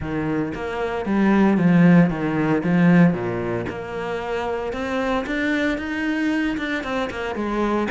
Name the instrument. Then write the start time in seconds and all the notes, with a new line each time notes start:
cello
0.00 D#3
0.54 A#3
1.05 G3
1.57 F3
2.09 D#3
2.63 F3
3.13 A#2
3.69 A#3
4.72 C4
5.26 D4
5.78 D#4
6.57 D4
6.83 C4
7.10 A#3
7.35 G#3